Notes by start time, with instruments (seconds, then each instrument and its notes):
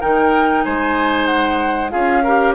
0.00 bassoon D#3, clarinet D#4, oboe A#4, flute G5
0.64 bassoon G#3, oboe C5, flute G#5
1.26 flute F#5
1.90 bassoon C#4, clarinet F4, oboe G#4, flute F5
2.23 clarinet G4, oboe A#4